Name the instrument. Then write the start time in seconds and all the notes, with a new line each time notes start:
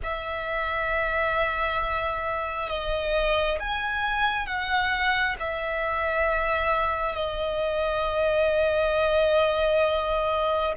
violin
0.03 E5
2.69 D#5
3.59 G#5
4.46 F#5
5.39 E5
7.15 D#5